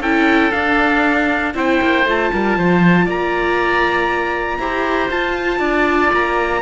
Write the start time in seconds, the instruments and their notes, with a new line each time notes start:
0.00 cello C#4, viola E4, oboe A4, trumpet G5
0.52 viola D4, cello D4, trumpet F5
1.54 cello C4, viola E4, oboe C5, trumpet G5
1.81 cello A#3
2.06 cello A3, viola F4, trumpet A5
2.33 cello G3, oboe A#4
2.57 cello F3, oboe C5
3.05 cello A#3, oboe D5, trumpet A#5
4.58 cello E4, viola G4, oboe C5
5.10 viola F4, cello F4, trumpet A5
5.59 cello D4, oboe D5
6.13 cello A#3, trumpet A#5